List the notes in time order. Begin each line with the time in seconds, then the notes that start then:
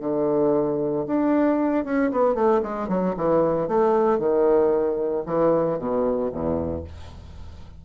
0.00 D3
1.06 D4
1.84 C#4
2.11 B3
2.34 A3
2.62 G#3
2.88 F#3
3.17 E3
3.68 A3
4.19 D#3
5.26 E3
5.78 B2
6.32 E2